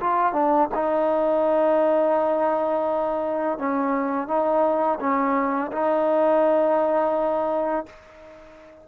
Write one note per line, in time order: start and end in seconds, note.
0.00 0.33 F4
0.33 0.69 D4
0.75 3.58 D#4
3.58 4.28 C#4
4.28 4.99 D#4
5.00 5.71 C#4
5.72 7.86 D#4